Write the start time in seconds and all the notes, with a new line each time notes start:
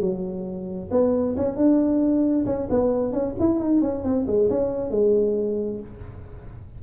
0.00 F#3
0.91 B3
1.36 C#4
1.56 D4
2.45 C#4
2.69 B3
3.12 C#4
3.39 E4
3.59 D#4
3.81 C#4
4.03 C4
4.27 G#3
4.49 C#4
4.90 G#3